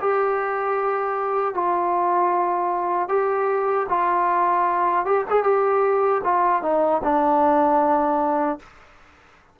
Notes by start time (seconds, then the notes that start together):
0.00 G4
1.54 F4
3.09 G4
3.89 F4
5.05 G4
5.30 G#4
5.43 G4
6.23 F4
6.62 D#4
7.03 D4